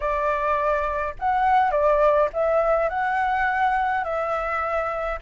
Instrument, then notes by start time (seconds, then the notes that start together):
flute
0.00 D5
1.19 F#5
1.71 D5
2.33 E5
2.89 F#5
4.04 E5